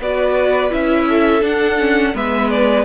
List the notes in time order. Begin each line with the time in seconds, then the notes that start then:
0.00 B3 F#4 B4 D5
0.70 C#4 E4 E5
1.08 A4
1.41 D4 F#5
1.79 C#4
2.14 G#3 B3 B4 E5
2.50 D5